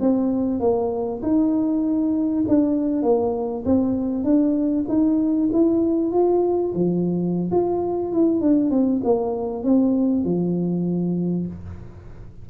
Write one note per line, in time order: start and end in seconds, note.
0.00 0.60 C4
0.60 1.21 A#3
1.22 2.45 D#4
2.48 3.02 D4
3.02 3.63 A#3
3.65 4.24 C4
4.24 4.85 D4
4.88 5.49 D#4
5.52 6.12 E4
6.12 6.73 F4
6.74 7.51 F3
7.51 8.12 F4
8.12 8.41 E4
8.41 8.70 D4
8.70 9.01 C4
9.04 9.63 A#3
9.63 10.24 C4
10.24 11.47 F3